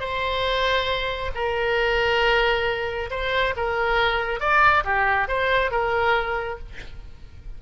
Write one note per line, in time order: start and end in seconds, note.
0.00 1.31 C5
1.35 3.10 A#4
3.11 3.55 C5
3.57 4.40 A#4
4.40 4.84 D5
4.85 5.29 G4
5.29 5.71 C5
5.71 6.59 A#4